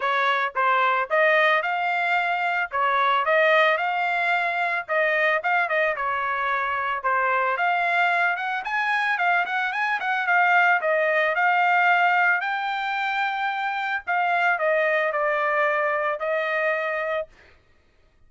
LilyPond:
\new Staff \with { instrumentName = "trumpet" } { \time 4/4 \tempo 4 = 111 cis''4 c''4 dis''4 f''4~ | f''4 cis''4 dis''4 f''4~ | f''4 dis''4 f''8 dis''8 cis''4~ | cis''4 c''4 f''4. fis''8 |
gis''4 f''8 fis''8 gis''8 fis''8 f''4 | dis''4 f''2 g''4~ | g''2 f''4 dis''4 | d''2 dis''2 | }